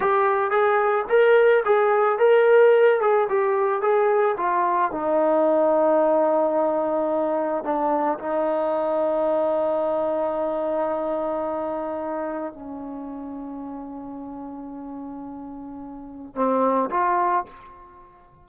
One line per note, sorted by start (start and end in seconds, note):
0.00 0.51 G4
0.51 1.05 G#4
1.09 1.63 A#4
1.65 2.18 G#4
2.18 3.00 A#4
3.00 3.28 G#4
3.29 3.81 G4
3.81 4.36 G#4
4.37 4.91 F4
4.91 7.64 D#4
7.64 8.18 D4
8.18 12.53 D#4
12.53 16.35 C#4
16.35 16.89 C4
16.90 17.44 F4